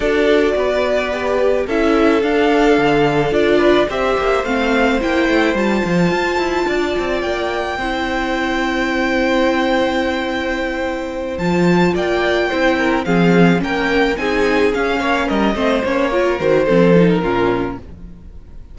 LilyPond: <<
  \new Staff \with { instrumentName = "violin" } { \time 4/4 \tempo 4 = 108 d''2. e''4 | f''2 d''4 e''4 | f''4 g''4 a''2~ | a''4 g''2.~ |
g''1~ | g''8 a''4 g''2 f''8~ | f''8 g''4 gis''4 f''4 dis''8~ | dis''8 cis''4 c''4~ c''16 ais'4~ ais'16 | }
  \new Staff \with { instrumentName = "violin" } { \time 4/4 a'4 b'2 a'4~ | a'2~ a'8 b'8 c''4~ | c''1 | d''2 c''2~ |
c''1~ | c''4. d''4 c''8 ais'8 gis'8~ | gis'8 ais'4 gis'4. cis''8 ais'8 | c''4 ais'4 a'4 f'4 | }
  \new Staff \with { instrumentName = "viola" } { \time 4/4 fis'2 g'4 e'4 | d'2 f'4 g'4 | c'4 e'4 f'2~ | f'2 e'2~ |
e'1~ | e'8 f'2 e'4 c'8~ | c'8 cis'4 dis'4 cis'4. | c'8 cis'8 f'8 fis'8 c'8 dis'8 cis'4 | }
  \new Staff \with { instrumentName = "cello" } { \time 4/4 d'4 b2 cis'4 | d'4 d4 d'4 c'8 ais8 | a4 ais8 a8 g8 f8 f'8 e'8 | d'8 c'8 ais4 c'2~ |
c'1~ | c'8 f4 ais4 c'4 f8~ | f8 ais4 c'4 cis'8 ais8 g8 | a8 ais4 dis8 f4 ais,4 | }
>>